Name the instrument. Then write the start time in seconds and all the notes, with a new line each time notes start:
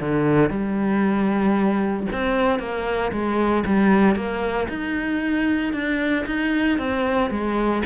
cello
0.00 D3
0.50 G3
2.12 C4
2.59 A#3
3.11 G#3
3.66 G3
4.15 A#3
4.68 D#4
5.72 D4
6.26 D#4
6.78 C4
7.30 G#3